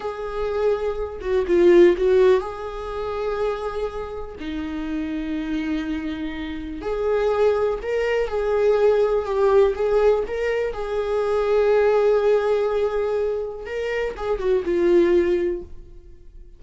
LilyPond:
\new Staff \with { instrumentName = "viola" } { \time 4/4 \tempo 4 = 123 gis'2~ gis'8 fis'8 f'4 | fis'4 gis'2.~ | gis'4 dis'2.~ | dis'2 gis'2 |
ais'4 gis'2 g'4 | gis'4 ais'4 gis'2~ | gis'1 | ais'4 gis'8 fis'8 f'2 | }